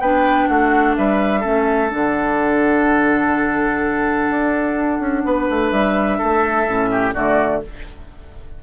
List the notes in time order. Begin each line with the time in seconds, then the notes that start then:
0.00 B3 D4 B4 G5
0.48 A3 F#4 F#5
0.96 G3 B4 E5
1.40 A3 C#4 A4
1.89 D3 D4 F#5
4.30 D4
5.00 C#4
5.25 B3 B4
5.50 A3
5.71 G3 E5
6.18 A3 A4
6.67 A2 C#4
6.91 G4
7.14 D3 A3 F#4 D5